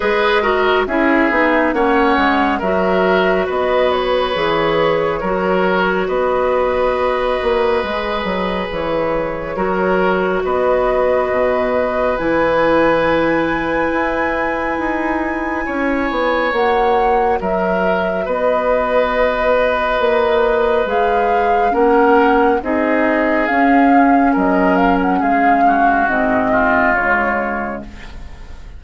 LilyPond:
<<
  \new Staff \with { instrumentName = "flute" } { \time 4/4 \tempo 4 = 69 dis''4 e''4 fis''4 e''4 | dis''8 cis''2~ cis''8 dis''4~ | dis''2 cis''2 | dis''2 gis''2~ |
gis''2. fis''4 | e''4 dis''2. | f''4 fis''4 dis''4 f''4 | dis''8 f''16 fis''16 f''4 dis''4 cis''4 | }
  \new Staff \with { instrumentName = "oboe" } { \time 4/4 b'8 ais'8 gis'4 cis''4 ais'4 | b'2 ais'4 b'4~ | b'2. ais'4 | b'1~ |
b'2 cis''2 | ais'4 b'2.~ | b'4 ais'4 gis'2 | ais'4 gis'8 fis'4 f'4. | }
  \new Staff \with { instrumentName = "clarinet" } { \time 4/4 gis'8 fis'8 e'8 dis'8 cis'4 fis'4~ | fis'4 gis'4 fis'2~ | fis'4 gis'2 fis'4~ | fis'2 e'2~ |
e'2. fis'4~ | fis'1 | gis'4 cis'4 dis'4 cis'4~ | cis'2 c'4 gis4 | }
  \new Staff \with { instrumentName = "bassoon" } { \time 4/4 gis4 cis'8 b8 ais8 gis8 fis4 | b4 e4 fis4 b4~ | b8 ais8 gis8 fis8 e4 fis4 | b4 b,4 e2 |
e'4 dis'4 cis'8 b8 ais4 | fis4 b2 ais4 | gis4 ais4 c'4 cis'4 | fis4 gis4 gis,4 cis4 | }
>>